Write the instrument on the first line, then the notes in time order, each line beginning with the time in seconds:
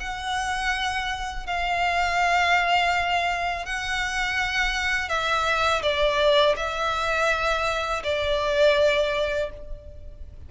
violin
0.00 F#5
1.46 F5
3.66 F#5
5.09 E5
5.82 D5
6.56 E5
8.03 D5